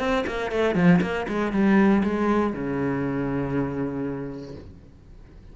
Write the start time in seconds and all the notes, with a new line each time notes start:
0.00 C4
0.27 A#3
0.52 A3
0.76 F3
1.02 A#3
1.29 G#3
1.53 G3
2.04 G#3
2.54 C#3